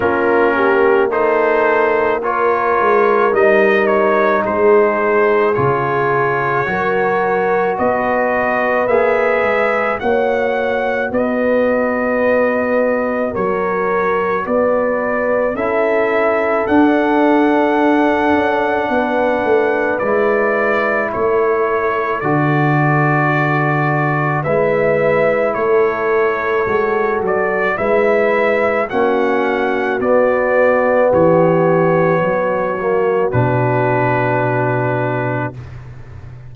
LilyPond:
<<
  \new Staff \with { instrumentName = "trumpet" } { \time 4/4 \tempo 4 = 54 ais'4 c''4 cis''4 dis''8 cis''8 | c''4 cis''2 dis''4 | e''4 fis''4 dis''2 | cis''4 d''4 e''4 fis''4~ |
fis''2 d''4 cis''4 | d''2 e''4 cis''4~ | cis''8 d''8 e''4 fis''4 d''4 | cis''2 b'2 | }
  \new Staff \with { instrumentName = "horn" } { \time 4/4 f'8 g'8 a'4 ais'2 | gis'2 ais'4 b'4~ | b'4 cis''4 b'2 | ais'4 b'4 a'2~ |
a'4 b'2 a'4~ | a'2 b'4 a'4~ | a'4 b'4 fis'2 | g'4 fis'2. | }
  \new Staff \with { instrumentName = "trombone" } { \time 4/4 cis'4 dis'4 f'4 dis'4~ | dis'4 f'4 fis'2 | gis'4 fis'2.~ | fis'2 e'4 d'4~ |
d'2 e'2 | fis'2 e'2 | fis'4 e'4 cis'4 b4~ | b4. ais8 d'2 | }
  \new Staff \with { instrumentName = "tuba" } { \time 4/4 ais2~ ais8 gis8 g4 | gis4 cis4 fis4 b4 | ais8 gis8 ais4 b2 | fis4 b4 cis'4 d'4~ |
d'8 cis'8 b8 a8 gis4 a4 | d2 gis4 a4 | gis8 fis8 gis4 ais4 b4 | e4 fis4 b,2 | }
>>